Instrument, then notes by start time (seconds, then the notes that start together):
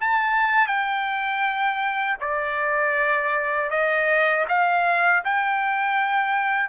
trumpet
0.00 A5
0.67 G5
2.20 D5
3.70 D#5
4.48 F5
5.24 G5